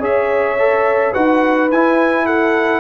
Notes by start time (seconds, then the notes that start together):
0.00 C#4 G#4 C#5 E5
0.59 A4
1.12 D#4 F#4 B4 F#5
1.71 E4 G#5
2.25 A4 F#5